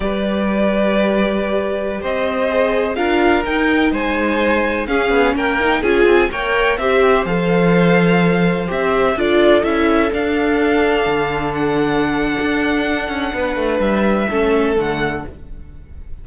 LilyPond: <<
  \new Staff \with { instrumentName = "violin" } { \time 4/4 \tempo 4 = 126 d''1~ | d''16 dis''2 f''4 g''8.~ | g''16 gis''2 f''4 g''8.~ | g''16 gis''4 g''4 e''4 f''8.~ |
f''2~ f''16 e''4 d''8.~ | d''16 e''4 f''2~ f''8.~ | f''16 fis''2.~ fis''8.~ | fis''4 e''2 fis''4 | }
  \new Staff \with { instrumentName = "violin" } { \time 4/4 b'1~ | b'16 c''2 ais'4.~ ais'16~ | ais'16 c''2 gis'4 ais'8.~ | ais'16 gis'4 cis''4 c''4.~ c''16~ |
c''2.~ c''16 a'8.~ | a'1~ | a'1 | b'2 a'2 | }
  \new Staff \with { instrumentName = "viola" } { \time 4/4 g'1~ | g'4~ g'16 gis'4 f'4 dis'8.~ | dis'2~ dis'16 cis'4. dis'16~ | dis'16 f'4 ais'4 g'4 a'8.~ |
a'2~ a'16 g'4 f'8.~ | f'16 e'4 d'2~ d'8.~ | d'1~ | d'2 cis'4 a4 | }
  \new Staff \with { instrumentName = "cello" } { \time 4/4 g1~ | g16 c'2 d'4 dis'8.~ | dis'16 gis2 cis'8 b8 ais8.~ | ais16 cis'8 c'8 ais4 c'4 f8.~ |
f2~ f16 c'4 d'8.~ | d'16 cis'4 d'2 d8.~ | d2 d'4. cis'8 | b8 a8 g4 a4 d4 | }
>>